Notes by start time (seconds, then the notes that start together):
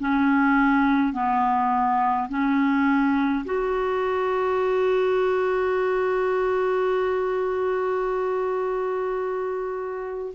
0.00 C#4
1.13 B3
2.29 C#4
3.45 F#4